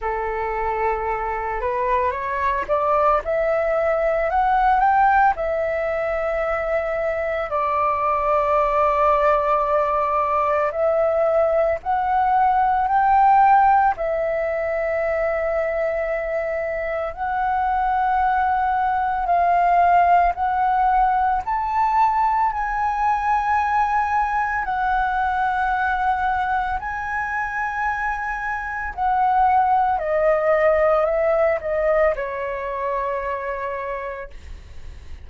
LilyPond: \new Staff \with { instrumentName = "flute" } { \time 4/4 \tempo 4 = 56 a'4. b'8 cis''8 d''8 e''4 | fis''8 g''8 e''2 d''4~ | d''2 e''4 fis''4 | g''4 e''2. |
fis''2 f''4 fis''4 | a''4 gis''2 fis''4~ | fis''4 gis''2 fis''4 | dis''4 e''8 dis''8 cis''2 | }